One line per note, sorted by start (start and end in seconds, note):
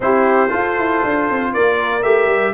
0.00 0.50 C4
0.00 0.49 E4
0.00 0.50 G4
0.00 1.53 C5
0.49 2.01 F4
0.49 0.78 F4
0.49 1.51 A4
0.78 1.03 E4
1.04 1.29 D4
1.29 1.55 C4
1.53 2.03 A#3
1.53 2.53 A#4
1.53 2.03 D5
2.03 2.26 A3
2.03 2.53 G4
2.03 2.53 E5
2.26 2.51 G3